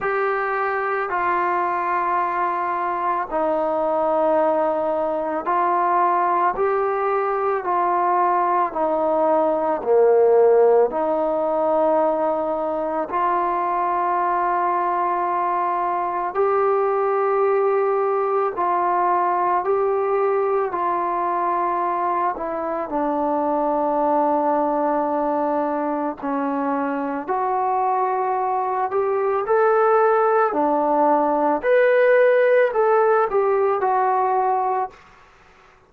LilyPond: \new Staff \with { instrumentName = "trombone" } { \time 4/4 \tempo 4 = 55 g'4 f'2 dis'4~ | dis'4 f'4 g'4 f'4 | dis'4 ais4 dis'2 | f'2. g'4~ |
g'4 f'4 g'4 f'4~ | f'8 e'8 d'2. | cis'4 fis'4. g'8 a'4 | d'4 b'4 a'8 g'8 fis'4 | }